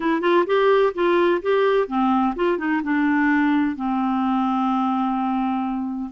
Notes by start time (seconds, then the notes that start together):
0.00 E4
0.21 F4
0.46 G4
0.94 F4
1.41 G4
1.87 C4
2.35 F4
2.58 D#4
2.83 D4
3.76 C4